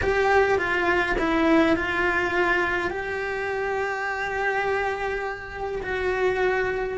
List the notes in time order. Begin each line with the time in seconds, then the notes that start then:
0.02 G4
0.57 F4
1.18 E4
1.76 F4
2.90 G4
5.82 F#4